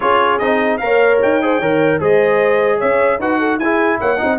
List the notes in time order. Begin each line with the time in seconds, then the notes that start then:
0.00 C#4 F4 G#4 C#5
0.38 C4 D#4 D#5
0.77 A#3 A#4 C#5 F5
1.22 D#4 G5
1.42 G#4 C5
1.59 D#3 A#4 C#5
2.00 G#3 G#4 C5 D#5
2.78 C#4 C#5 E5
3.18 D#4 F#4 B4 F#5
3.39 A4
3.58 E4 G#4 G#5
3.99 A#3 C#5 F#5
4.17 C4 D#4 D#5